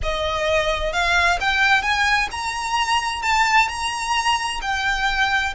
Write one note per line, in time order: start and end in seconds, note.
0.02 0.92 D#5
0.92 1.38 F5
1.40 1.82 G5
1.82 2.28 G#5
2.31 3.22 A#5
3.22 3.68 A5
3.68 4.60 A#5
4.61 5.54 G5